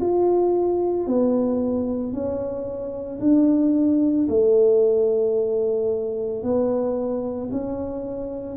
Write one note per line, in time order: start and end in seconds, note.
0.00 1.07 F4
1.07 2.12 B3
2.12 3.19 C#4
3.20 4.27 D4
4.29 6.42 A3
6.42 7.50 B3
7.51 8.56 C#4